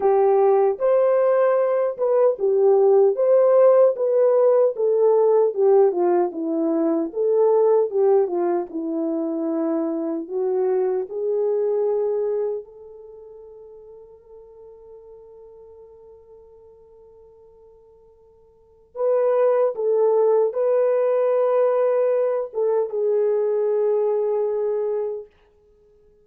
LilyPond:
\new Staff \with { instrumentName = "horn" } { \time 4/4 \tempo 4 = 76 g'4 c''4. b'8 g'4 | c''4 b'4 a'4 g'8 f'8 | e'4 a'4 g'8 f'8 e'4~ | e'4 fis'4 gis'2 |
a'1~ | a'1 | b'4 a'4 b'2~ | b'8 a'8 gis'2. | }